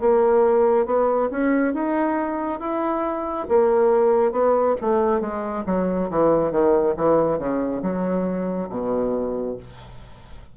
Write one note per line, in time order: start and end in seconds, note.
0.00 0.86 A#3
0.86 1.29 B3
1.30 1.74 C#4
1.74 2.60 D#4
2.60 3.47 E4
3.49 4.32 A#3
4.32 4.75 B3
4.81 5.20 A3
5.20 5.64 G#3
5.66 6.09 F#3
6.10 6.51 E3
6.51 6.94 D#3
6.96 7.38 E3
7.38 7.82 C#3
7.82 8.69 F#3
8.69 9.56 B2